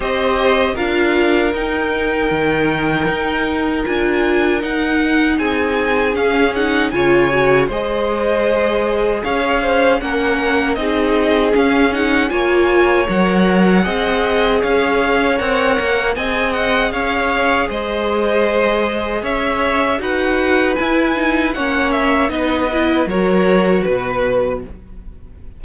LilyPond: <<
  \new Staff \with { instrumentName = "violin" } { \time 4/4 \tempo 4 = 78 dis''4 f''4 g''2~ | g''4 gis''4 fis''4 gis''4 | f''8 fis''8 gis''4 dis''2 | f''4 fis''4 dis''4 f''8 fis''8 |
gis''4 fis''2 f''4 | fis''4 gis''8 fis''8 f''4 dis''4~ | dis''4 e''4 fis''4 gis''4 | fis''8 e''8 dis''4 cis''4 b'4 | }
  \new Staff \with { instrumentName = "violin" } { \time 4/4 c''4 ais'2.~ | ais'2. gis'4~ | gis'4 cis''4 c''2 | cis''8 c''8 ais'4 gis'2 |
cis''2 dis''4 cis''4~ | cis''4 dis''4 cis''4 c''4~ | c''4 cis''4 b'2 | cis''4 b'4 ais'4 b'4 | }
  \new Staff \with { instrumentName = "viola" } { \time 4/4 g'4 f'4 dis'2~ | dis'4 f'4 dis'2 | cis'8 dis'8 f'8 fis'8 gis'2~ | gis'4 cis'4 dis'4 cis'8 dis'8 |
f'4 ais'4 gis'2 | ais'4 gis'2.~ | gis'2 fis'4 e'8 dis'8 | cis'4 dis'8 e'8 fis'2 | }
  \new Staff \with { instrumentName = "cello" } { \time 4/4 c'4 d'4 dis'4 dis4 | dis'4 d'4 dis'4 c'4 | cis'4 cis4 gis2 | cis'4 ais4 c'4 cis'4 |
ais4 fis4 c'4 cis'4 | c'8 ais8 c'4 cis'4 gis4~ | gis4 cis'4 dis'4 e'4 | ais4 b4 fis4 b,4 | }
>>